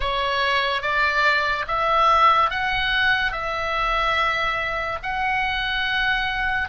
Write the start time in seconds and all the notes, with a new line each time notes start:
0.00 C#5
0.81 D5
1.67 E5
2.50 F#5
3.31 E5
5.02 F#5